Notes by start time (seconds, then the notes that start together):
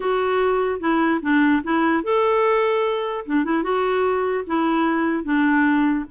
0.00 F#4
0.80 E4
1.22 D4
1.63 E4
2.03 A4
3.26 D4
3.44 E4
3.63 F#4
4.46 E4
5.24 D4